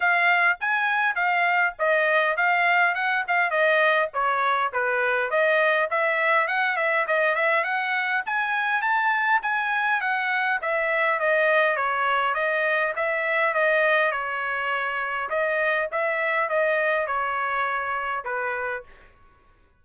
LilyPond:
\new Staff \with { instrumentName = "trumpet" } { \time 4/4 \tempo 4 = 102 f''4 gis''4 f''4 dis''4 | f''4 fis''8 f''8 dis''4 cis''4 | b'4 dis''4 e''4 fis''8 e''8 | dis''8 e''8 fis''4 gis''4 a''4 |
gis''4 fis''4 e''4 dis''4 | cis''4 dis''4 e''4 dis''4 | cis''2 dis''4 e''4 | dis''4 cis''2 b'4 | }